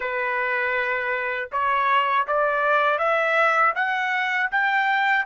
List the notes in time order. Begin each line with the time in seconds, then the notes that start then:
0.00 B4
1.51 C#5
2.27 D5
2.98 E5
3.75 F#5
4.51 G5